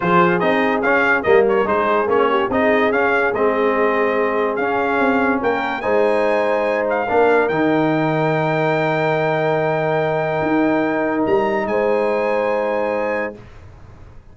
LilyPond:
<<
  \new Staff \with { instrumentName = "trumpet" } { \time 4/4 \tempo 4 = 144 c''4 dis''4 f''4 dis''8 cis''8 | c''4 cis''4 dis''4 f''4 | dis''2. f''4~ | f''4 g''4 gis''2~ |
gis''8 f''4. g''2~ | g''1~ | g''2. ais''4 | gis''1 | }
  \new Staff \with { instrumentName = "horn" } { \time 4/4 gis'2. ais'4 | gis'4. g'8 gis'2~ | gis'1~ | gis'4 ais'4 c''2~ |
c''4 ais'2.~ | ais'1~ | ais'1 | c''1 | }
  \new Staff \with { instrumentName = "trombone" } { \time 4/4 f'4 dis'4 cis'4 ais4 | dis'4 cis'4 dis'4 cis'4 | c'2. cis'4~ | cis'2 dis'2~ |
dis'4 d'4 dis'2~ | dis'1~ | dis'1~ | dis'1 | }
  \new Staff \with { instrumentName = "tuba" } { \time 4/4 f4 c'4 cis'4 g4 | gis4 ais4 c'4 cis'4 | gis2. cis'4 | c'4 ais4 gis2~ |
gis4 ais4 dis2~ | dis1~ | dis4 dis'2 g4 | gis1 | }
>>